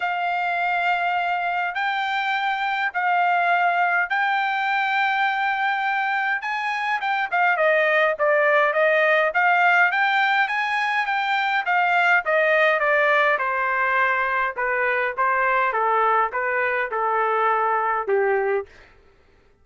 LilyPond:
\new Staff \with { instrumentName = "trumpet" } { \time 4/4 \tempo 4 = 103 f''2. g''4~ | g''4 f''2 g''4~ | g''2. gis''4 | g''8 f''8 dis''4 d''4 dis''4 |
f''4 g''4 gis''4 g''4 | f''4 dis''4 d''4 c''4~ | c''4 b'4 c''4 a'4 | b'4 a'2 g'4 | }